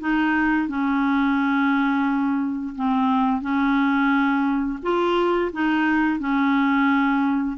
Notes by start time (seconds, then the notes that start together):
0.00 D#4
0.68 C#4
2.75 C4
3.41 C#4
4.82 F4
5.52 D#4
6.19 C#4